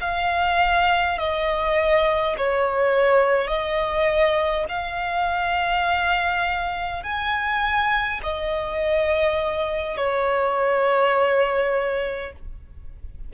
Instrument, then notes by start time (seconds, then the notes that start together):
violin
0.00 F5
1.18 D#5
2.37 C#5
3.47 D#5
4.68 F5
7.03 G#5
8.22 D#5
9.97 C#5